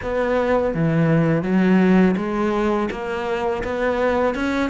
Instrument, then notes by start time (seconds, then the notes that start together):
cello
0.02 B3
0.74 E3
1.42 F#3
2.17 G#3
2.91 A#3
3.63 B3
4.34 C#4